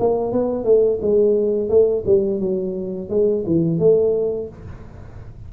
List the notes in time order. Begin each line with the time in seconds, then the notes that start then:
0.00 A#3
0.32 B3
0.65 A3
1.01 G#3
1.69 A3
2.06 G3
2.40 F#3
3.10 G#3
3.47 E3
3.79 A3